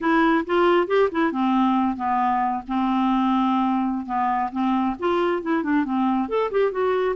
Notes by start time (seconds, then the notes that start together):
0.00 E4
0.46 F4
0.87 G4
1.11 E4
1.32 C4
1.96 B3
2.67 C4
4.05 B3
4.52 C4
4.99 F4
5.42 E4
5.63 D4
5.84 C4
6.28 A4
6.51 G4
6.71 F#4